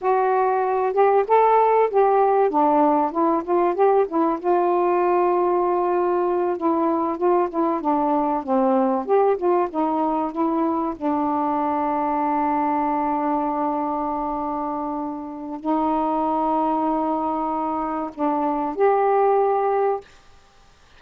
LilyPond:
\new Staff \with { instrumentName = "saxophone" } { \time 4/4 \tempo 4 = 96 fis'4. g'8 a'4 g'4 | d'4 e'8 f'8 g'8 e'8 f'4~ | f'2~ f'8 e'4 f'8 | e'8 d'4 c'4 g'8 f'8 dis'8~ |
dis'8 e'4 d'2~ d'8~ | d'1~ | d'4 dis'2.~ | dis'4 d'4 g'2 | }